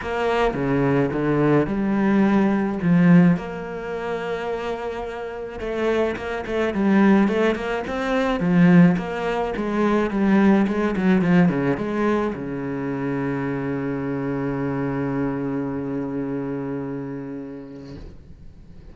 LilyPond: \new Staff \with { instrumentName = "cello" } { \time 4/4 \tempo 4 = 107 ais4 cis4 d4 g4~ | g4 f4 ais2~ | ais2 a4 ais8 a8 | g4 a8 ais8 c'4 f4 |
ais4 gis4 g4 gis8 fis8 | f8 cis8 gis4 cis2~ | cis1~ | cis1 | }